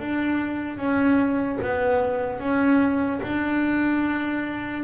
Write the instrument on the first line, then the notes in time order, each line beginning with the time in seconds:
double bass
0.00 D4
0.77 C#4
1.62 B3
2.40 C#4
3.22 D4